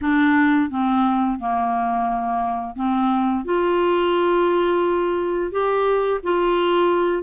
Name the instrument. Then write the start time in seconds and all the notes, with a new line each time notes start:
clarinet
0.01 D4
0.70 C4
1.39 A#3
2.75 C4
3.44 F4
5.51 G4
6.23 F4